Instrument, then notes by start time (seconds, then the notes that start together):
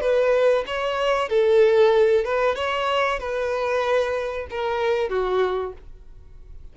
violin
0.00 B4
0.66 C#5
1.29 A4
2.25 B4
2.55 C#5
3.19 B4
4.50 A#4
5.09 F#4